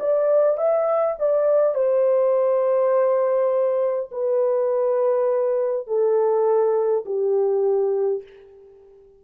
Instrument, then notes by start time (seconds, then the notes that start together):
horn
0.00 D5
0.58 E5
1.19 D5
1.75 C5
4.12 B4
5.87 A4
7.06 G4